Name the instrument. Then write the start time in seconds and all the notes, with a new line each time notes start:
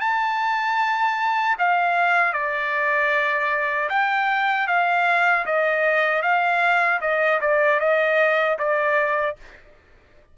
trumpet
0.00 A5
1.58 F5
2.33 D5
3.89 G5
4.67 F5
5.46 D#5
6.22 F5
7.01 D#5
7.41 D5
7.80 D#5
8.58 D5